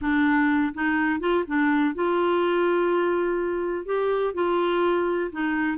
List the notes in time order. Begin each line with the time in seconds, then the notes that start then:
0.01 D4
0.74 D#4
1.20 F4
1.47 D4
1.94 F4
3.85 G4
4.34 F4
5.32 D#4